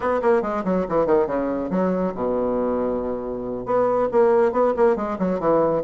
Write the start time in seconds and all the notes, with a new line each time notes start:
0.00 B3
0.21 A#3
0.41 G#3
0.64 F#3
0.88 E3
1.06 D#3
1.26 C#3
1.70 F#3
2.14 B2
3.65 B3
4.11 A#3
4.52 B3
4.76 A#3
4.96 G#3
5.19 F#3
5.39 E3